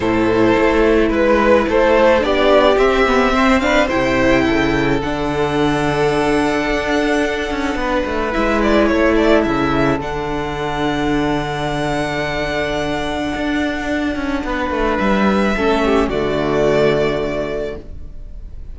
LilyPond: <<
  \new Staff \with { instrumentName = "violin" } { \time 4/4 \tempo 4 = 108 c''2 b'4 c''4 | d''4 e''4. f''8 g''4~ | g''4 fis''2.~ | fis''2. e''8 d''8 |
cis''8 d''8 e''4 fis''2~ | fis''1~ | fis''2. e''4~ | e''4 d''2. | }
  \new Staff \with { instrumentName = "violin" } { \time 4/4 a'2 b'4 a'4 | g'2 c''8 b'8 c''4 | a'1~ | a'2 b'2 |
a'1~ | a'1~ | a'2 b'2 | a'8 g'8 fis'2. | }
  \new Staff \with { instrumentName = "viola" } { \time 4/4 e'1 | d'4 c'8 b8 c'8 d'8 e'4~ | e'4 d'2.~ | d'2. e'4~ |
e'2 d'2~ | d'1~ | d'1 | cis'4 a2. | }
  \new Staff \with { instrumentName = "cello" } { \time 4/4 a,4 a4 gis4 a4 | b4 c'2 c4 | cis4 d2. | d'4. cis'8 b8 a8 gis4 |
a4 cis4 d2~ | d1 | d'4. cis'8 b8 a8 g4 | a4 d2. | }
>>